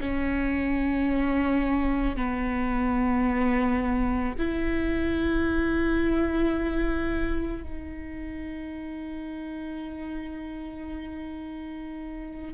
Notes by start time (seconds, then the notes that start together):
0.00 C#4
2.16 B3
4.38 E4
7.63 D#4